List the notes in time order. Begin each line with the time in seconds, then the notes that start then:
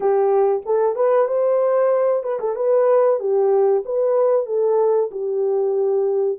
0.00 G4
0.65 A4
0.95 B4
1.27 C5
2.23 B4
2.39 A4
2.55 B4
3.19 G4
3.85 B4
4.46 A4
5.11 G4